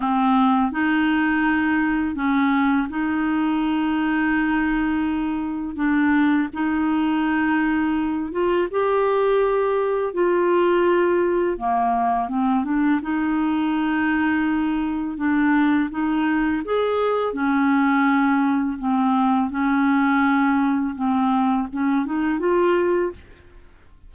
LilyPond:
\new Staff \with { instrumentName = "clarinet" } { \time 4/4 \tempo 4 = 83 c'4 dis'2 cis'4 | dis'1 | d'4 dis'2~ dis'8 f'8 | g'2 f'2 |
ais4 c'8 d'8 dis'2~ | dis'4 d'4 dis'4 gis'4 | cis'2 c'4 cis'4~ | cis'4 c'4 cis'8 dis'8 f'4 | }